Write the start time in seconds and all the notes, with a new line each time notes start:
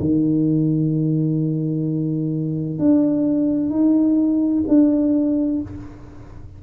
0.00 D#3
2.79 D4
3.70 D#4
4.68 D4